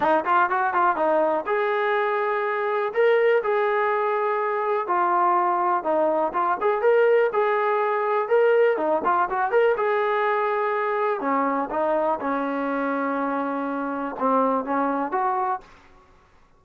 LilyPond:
\new Staff \with { instrumentName = "trombone" } { \time 4/4 \tempo 4 = 123 dis'8 f'8 fis'8 f'8 dis'4 gis'4~ | gis'2 ais'4 gis'4~ | gis'2 f'2 | dis'4 f'8 gis'8 ais'4 gis'4~ |
gis'4 ais'4 dis'8 f'8 fis'8 ais'8 | gis'2. cis'4 | dis'4 cis'2.~ | cis'4 c'4 cis'4 fis'4 | }